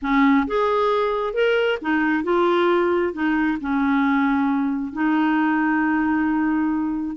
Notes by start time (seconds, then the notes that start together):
0.02 C#4
0.47 G#4
1.33 A#4
1.81 D#4
2.23 F4
3.13 D#4
3.60 C#4
4.93 D#4